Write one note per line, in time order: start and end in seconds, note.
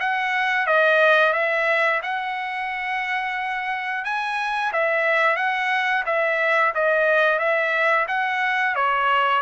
0.00 0.66 F#5
0.66 1.33 D#5
1.33 2.01 E5
2.03 4.04 F#5
4.04 4.72 G#5
4.73 5.37 E5
5.37 6.04 F#5
6.06 6.73 E5
6.75 7.39 D#5
7.39 8.06 E5
8.08 8.75 F#5
8.75 9.42 C#5